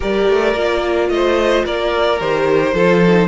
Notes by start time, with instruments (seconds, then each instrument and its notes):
0.00 cello G3, viola G4, violin A#4 D5
0.28 cello A3
0.54 cello A#3, viola F4
1.09 cello A3, violin C5 D#5
1.65 cello A#3, violin A#4 D5
2.19 cello D#3, viola G4, violin C5
2.73 cello F3, viola F4, violin A4
3.06 viola D#4